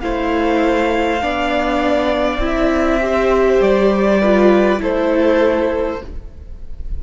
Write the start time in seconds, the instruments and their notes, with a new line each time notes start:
0.00 cello A3, viola E4, violin C5 F5
1.20 cello B3, viola D4, violin D5
2.38 cello C4, viola E4
2.45 violin E5
3.01 viola G4, violin C5
3.60 cello G3, violin D5
4.21 viola F4, violin B4
4.79 cello A3, viola E4, violin A4 C5